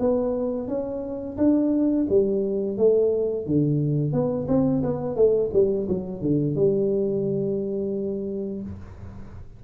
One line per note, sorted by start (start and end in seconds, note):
0.00 0.68 B3
0.68 1.37 C#4
1.38 2.07 D4
2.09 2.77 G3
2.77 3.46 A3
3.46 4.13 D3
4.13 4.47 B3
4.48 4.82 C4
4.83 5.16 B3
5.16 5.50 A3
5.53 5.87 G3
5.88 6.21 F#3
6.21 6.55 D3
6.55 8.62 G3